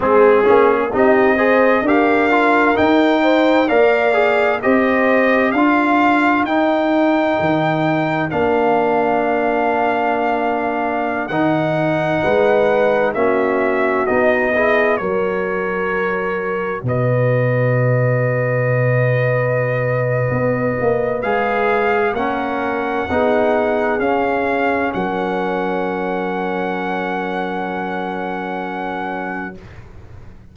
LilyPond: <<
  \new Staff \with { instrumentName = "trumpet" } { \time 4/4 \tempo 4 = 65 gis'4 dis''4 f''4 g''4 | f''4 dis''4 f''4 g''4~ | g''4 f''2.~ | f''16 fis''2 e''4 dis''8.~ |
dis''16 cis''2 dis''4.~ dis''16~ | dis''2. f''4 | fis''2 f''4 fis''4~ | fis''1 | }
  \new Staff \with { instrumentName = "horn" } { \time 4/4 gis'4 g'8 c''8 ais'4. c''8 | d''4 c''4 ais'2~ | ais'1~ | ais'4~ ais'16 b'4 fis'4. gis'16~ |
gis'16 ais'2 b'4.~ b'16~ | b'1 | ais'4 gis'2 ais'4~ | ais'1 | }
  \new Staff \with { instrumentName = "trombone" } { \time 4/4 c'8 cis'8 dis'8 gis'8 g'8 f'8 dis'4 | ais'8 gis'8 g'4 f'4 dis'4~ | dis'4 d'2.~ | d'16 dis'2 cis'4 dis'8 e'16~ |
e'16 fis'2.~ fis'8.~ | fis'2. gis'4 | cis'4 dis'4 cis'2~ | cis'1 | }
  \new Staff \with { instrumentName = "tuba" } { \time 4/4 gis8 ais8 c'4 d'4 dis'4 | ais4 c'4 d'4 dis'4 | dis4 ais2.~ | ais16 dis4 gis4 ais4 b8.~ |
b16 fis2 b,4.~ b,16~ | b,2 b8 ais8 gis4 | ais4 b4 cis'4 fis4~ | fis1 | }
>>